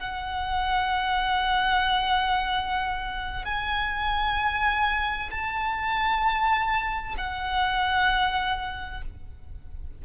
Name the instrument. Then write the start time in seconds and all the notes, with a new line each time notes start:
violin
0.00 F#5
3.45 G#5
5.31 A5
7.17 F#5